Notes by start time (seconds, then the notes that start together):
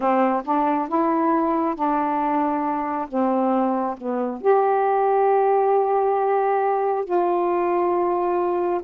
0.00 C4
0.45 D4
0.88 E4
1.75 D4
3.08 C4
3.97 B3
4.41 G4
7.04 F4